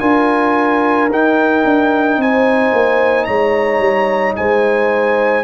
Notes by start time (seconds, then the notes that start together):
0.00 D4 F4 A#4 G#5
1.10 D#4 G5
1.65 D4
2.17 C4 C5 G#5
2.73 A#3
3.25 G#3 C#5 A#5
3.79 G3
4.37 G#3 C5 G#5